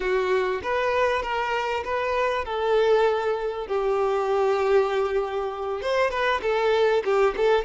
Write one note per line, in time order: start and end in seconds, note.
0.00 0.61 F#4
0.63 1.22 B4
1.22 1.83 A#4
1.84 2.44 B4
2.44 3.67 A4
3.67 5.81 G4
5.81 6.10 C5
6.10 6.40 B4
6.41 7.03 A4
7.04 7.35 G4
7.36 7.64 A4